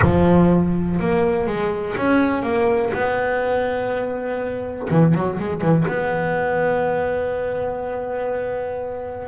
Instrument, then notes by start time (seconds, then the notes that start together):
double bass
0.01 F3
0.99 A#3
1.46 G#3
1.96 C#4
2.42 A#3
2.93 B3
4.90 E3
5.14 F#3
5.39 G#3
5.61 E3
5.87 B3